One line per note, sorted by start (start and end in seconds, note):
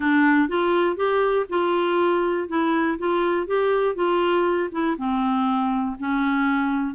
0.00 0.48 D4
0.48 0.96 F4
0.96 1.46 G4
1.49 2.48 F4
2.48 2.98 E4
2.98 3.46 F4
3.46 3.95 G4
3.95 4.69 F4
4.71 4.96 E4
4.97 5.96 C4
5.99 6.94 C#4